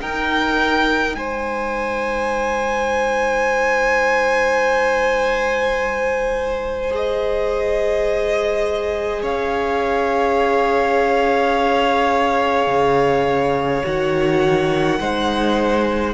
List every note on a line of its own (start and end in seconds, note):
0.00 6.90 D#4
0.00 1.14 D#4
0.00 1.16 A#4
0.00 1.15 G5
1.14 9.22 G#3
1.14 9.22 C5
1.14 6.92 G#5
6.90 13.82 G#4
6.90 9.23 D#5
9.22 12.67 C#4
9.22 14.99 C#5
9.22 13.85 F5
12.67 13.82 C#3
13.84 14.99 D#3
13.84 14.99 F#4
13.84 16.14 F#5
14.99 16.14 G#3
14.99 16.14 D#4
14.99 16.14 C5